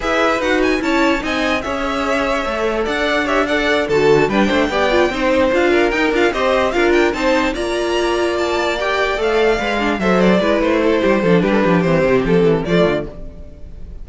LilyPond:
<<
  \new Staff \with { instrumentName = "violin" } { \time 4/4 \tempo 4 = 147 e''4 fis''8 gis''8 a''4 gis''4 | e''2. fis''4 | e''8 fis''4 a''4 g''4.~ | g''4. f''4 g''8 f''8 dis''8~ |
dis''8 f''8 g''8 a''4 ais''4.~ | ais''8 a''4 g''4 f''4.~ | f''8 e''8 d''4 c''2 | b'4 c''4 a'4 d''4 | }
  \new Staff \with { instrumentName = "violin" } { \time 4/4 b'2 cis''4 dis''4 | cis''2. d''4 | cis''8 d''4 a'4 b'8 c''8 d''8~ | d''8 c''4. ais'4. c''8~ |
c''8 ais'4 c''4 d''4.~ | d''1~ | d''8 c''4 b'4 a'8 g'8 a'8 | g'16 a'16 g'2~ g'8 f'4 | }
  \new Staff \with { instrumentName = "viola" } { \time 4/4 gis'4 fis'4 e'4 dis'4 | gis'2 a'2 | g'8 a'4 fis'4 d'4 g'8 | f'8 dis'4 f'4 dis'8 f'8 g'8~ |
g'8 f'4 dis'4 f'4.~ | f'4. g'4 a'4 b'8 | d'8 a'4 e'2 d'8~ | d'4 c'2 a4 | }
  \new Staff \with { instrumentName = "cello" } { \time 4/4 e'4 dis'4 cis'4 c'4 | cis'2 a4 d'4~ | d'4. d4 g8 a8 b8~ | b8 c'4 d'4 dis'8 d'8 c'8~ |
c'8 d'4 c'4 ais4.~ | ais2~ ais8 a4 gis8~ | gis8 fis4 gis8 a4 g8 f8 | g8 f8 e8 c8 f8 e8 f8 d8 | }
>>